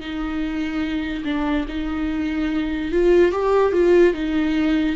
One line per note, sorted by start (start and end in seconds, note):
0.00 1.23 D#4
1.24 1.66 D4
1.68 2.91 D#4
2.91 3.31 F4
3.31 3.72 G4
3.72 4.14 F4
4.14 4.95 D#4